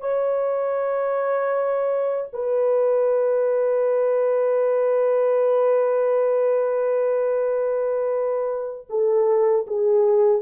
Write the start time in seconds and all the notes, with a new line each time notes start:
0.00 C#5
2.33 B4
8.89 A4
9.67 G#4